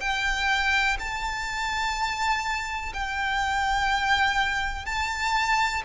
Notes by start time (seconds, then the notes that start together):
0.00 G5
0.99 A5
2.93 G5
4.86 A5